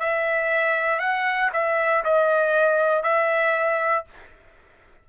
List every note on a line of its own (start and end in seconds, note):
0.00 0.99 E5
0.99 1.50 F#5
1.53 2.04 E5
2.04 3.03 D#5
3.03 4.05 E5